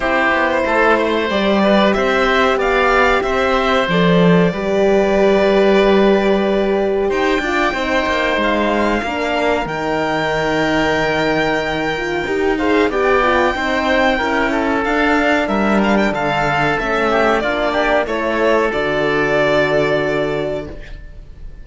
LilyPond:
<<
  \new Staff \with { instrumentName = "violin" } { \time 4/4 \tempo 4 = 93 c''2 d''4 e''4 | f''4 e''4 d''2~ | d''2. g''4~ | g''4 f''2 g''4~ |
g''2.~ g''8 f''8 | g''2. f''4 | e''8 f''16 g''16 f''4 e''4 d''4 | cis''4 d''2. | }
  \new Staff \with { instrumentName = "oboe" } { \time 4/4 g'4 a'8 c''4 b'8 c''4 | d''4 c''2 b'4~ | b'2. c''8 d''8 | c''2 ais'2~ |
ais'2.~ ais'8 c''8 | d''4 c''4 ais'8 a'4. | ais'4 a'4. g'8 f'8 g'8 | a'1 | }
  \new Staff \with { instrumentName = "horn" } { \time 4/4 e'2 g'2~ | g'2 a'4 g'4~ | g'2.~ g'8 f'8 | dis'2 d'4 dis'4~ |
dis'2~ dis'8 f'8 g'8 gis'8 | g'8 f'8 dis'4 e'4 d'4~ | d'2 cis'4 d'4 | e'4 fis'2. | }
  \new Staff \with { instrumentName = "cello" } { \time 4/4 c'8 b8 a4 g4 c'4 | b4 c'4 f4 g4~ | g2. dis'8 d'8 | c'8 ais8 gis4 ais4 dis4~ |
dis2. dis'4 | b4 c'4 cis'4 d'4 | g4 d4 a4 ais4 | a4 d2. | }
>>